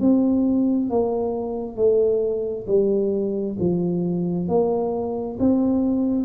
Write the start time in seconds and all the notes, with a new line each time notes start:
0.00 C4
0.90 A#3
1.76 A3
2.67 G3
3.59 F3
4.48 A#3
5.39 C4